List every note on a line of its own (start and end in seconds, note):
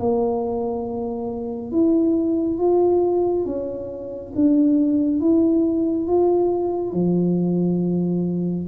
0.00 1.72 A#3
1.72 2.59 E4
2.59 3.46 F4
3.46 4.33 C#4
4.35 5.21 D4
5.21 6.08 E4
6.08 6.93 F4
6.93 8.67 F3